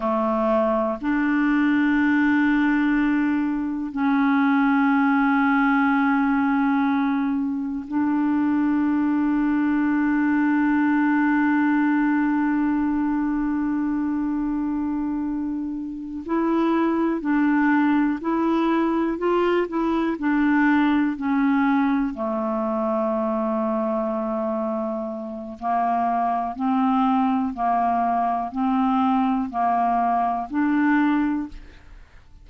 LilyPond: \new Staff \with { instrumentName = "clarinet" } { \time 4/4 \tempo 4 = 61 a4 d'2. | cis'1 | d'1~ | d'1~ |
d'8 e'4 d'4 e'4 f'8 | e'8 d'4 cis'4 a4.~ | a2 ais4 c'4 | ais4 c'4 ais4 d'4 | }